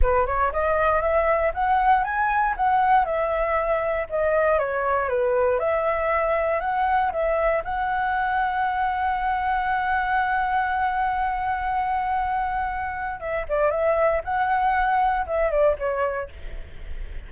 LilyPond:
\new Staff \with { instrumentName = "flute" } { \time 4/4 \tempo 4 = 118 b'8 cis''8 dis''4 e''4 fis''4 | gis''4 fis''4 e''2 | dis''4 cis''4 b'4 e''4~ | e''4 fis''4 e''4 fis''4~ |
fis''1~ | fis''1~ | fis''2 e''8 d''8 e''4 | fis''2 e''8 d''8 cis''4 | }